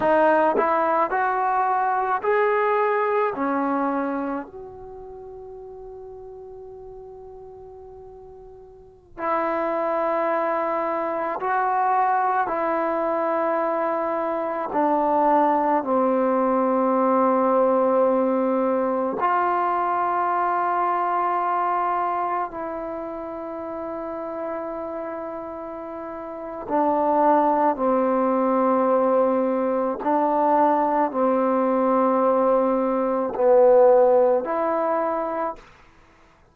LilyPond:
\new Staff \with { instrumentName = "trombone" } { \time 4/4 \tempo 4 = 54 dis'8 e'8 fis'4 gis'4 cis'4 | fis'1~ | fis'16 e'2 fis'4 e'8.~ | e'4~ e'16 d'4 c'4.~ c'16~ |
c'4~ c'16 f'2~ f'8.~ | f'16 e'2.~ e'8. | d'4 c'2 d'4 | c'2 b4 e'4 | }